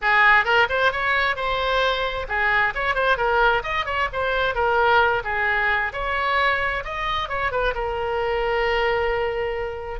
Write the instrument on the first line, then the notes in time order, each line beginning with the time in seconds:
oboe
0.01 G#4
0.44 A#4
0.69 C5
0.92 C#5
1.36 C5
2.28 G#4
2.75 C#5
2.94 C5
3.17 A#4
3.63 D#5
3.85 C#5
4.13 C5
4.54 A#4
5.24 G#4
5.92 C#5
6.84 D#5
7.29 C#5
7.51 B4
7.74 A#4